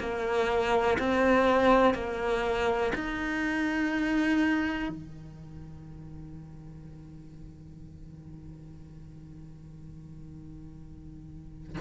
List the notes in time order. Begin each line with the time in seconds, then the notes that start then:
0.00 A#3
0.99 C4
1.95 A#3
2.96 D#4
4.90 D#3